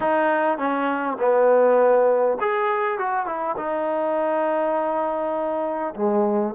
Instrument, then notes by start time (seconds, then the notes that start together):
trombone
0.00 D#4
0.58 C#4
1.19 B3
2.40 G#4
2.98 F#4
3.26 E4
3.56 D#4
5.95 G#3